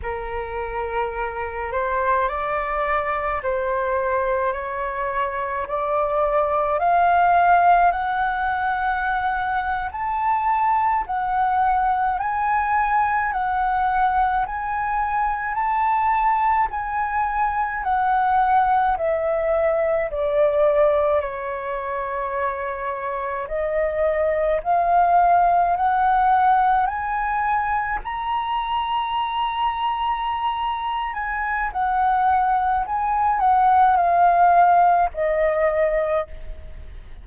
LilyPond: \new Staff \with { instrumentName = "flute" } { \time 4/4 \tempo 4 = 53 ais'4. c''8 d''4 c''4 | cis''4 d''4 f''4 fis''4~ | fis''8. a''4 fis''4 gis''4 fis''16~ | fis''8. gis''4 a''4 gis''4 fis''16~ |
fis''8. e''4 d''4 cis''4~ cis''16~ | cis''8. dis''4 f''4 fis''4 gis''16~ | gis''8. ais''2~ ais''8. gis''8 | fis''4 gis''8 fis''8 f''4 dis''4 | }